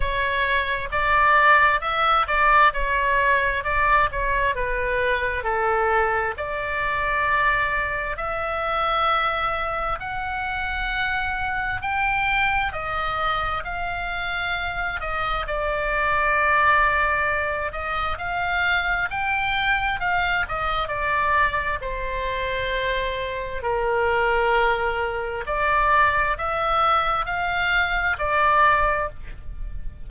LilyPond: \new Staff \with { instrumentName = "oboe" } { \time 4/4 \tempo 4 = 66 cis''4 d''4 e''8 d''8 cis''4 | d''8 cis''8 b'4 a'4 d''4~ | d''4 e''2 fis''4~ | fis''4 g''4 dis''4 f''4~ |
f''8 dis''8 d''2~ d''8 dis''8 | f''4 g''4 f''8 dis''8 d''4 | c''2 ais'2 | d''4 e''4 f''4 d''4 | }